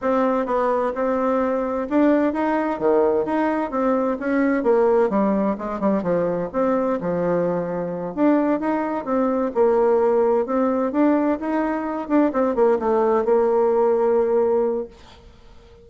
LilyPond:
\new Staff \with { instrumentName = "bassoon" } { \time 4/4 \tempo 4 = 129 c'4 b4 c'2 | d'4 dis'4 dis4 dis'4 | c'4 cis'4 ais4 g4 | gis8 g8 f4 c'4 f4~ |
f4. d'4 dis'4 c'8~ | c'8 ais2 c'4 d'8~ | d'8 dis'4. d'8 c'8 ais8 a8~ | a8 ais2.~ ais8 | }